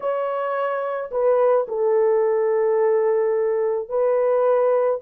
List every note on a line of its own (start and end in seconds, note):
0.00 1.10 C#5
1.11 1.66 B4
1.67 3.88 A4
3.88 4.99 B4